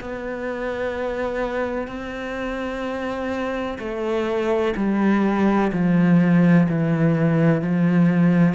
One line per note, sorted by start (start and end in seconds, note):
0.00 1.87 B3
1.87 3.78 C4
3.78 4.74 A3
4.76 5.71 G3
5.72 6.68 F3
6.69 7.61 E3
7.61 8.54 F3